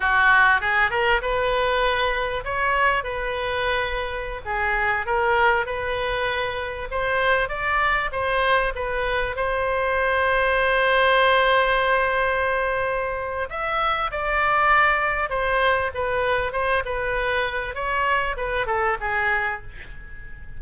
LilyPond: \new Staff \with { instrumentName = "oboe" } { \time 4/4 \tempo 4 = 98 fis'4 gis'8 ais'8 b'2 | cis''4 b'2~ b'16 gis'8.~ | gis'16 ais'4 b'2 c''8.~ | c''16 d''4 c''4 b'4 c''8.~ |
c''1~ | c''2 e''4 d''4~ | d''4 c''4 b'4 c''8 b'8~ | b'4 cis''4 b'8 a'8 gis'4 | }